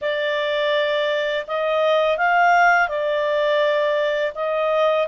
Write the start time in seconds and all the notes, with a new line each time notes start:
0.01 D5
1.47 D#5
2.17 F5
2.88 D5
4.34 D#5